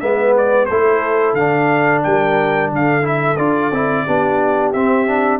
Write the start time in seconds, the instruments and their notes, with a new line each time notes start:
0.00 tuba G#3, trombone B3, horn B4, trumpet E5
0.37 trumpet D5
0.65 tuba A3, trombone E4, horn A4, trumpet C5
1.34 tuba D3, trombone D4, trumpet F5
2.03 tuba G3, horn A#4, trumpet G5
2.72 tuba D3, horn A4, trumpet F5
3.02 trombone E4, trumpet E5
3.37 tuba D4, trombone F4, trumpet D5
3.71 tuba C4, trombone E4
4.05 tuba B3, trombone D4, horn G4
4.73 tuba C4, trombone C4, trumpet E5
5.07 trombone D4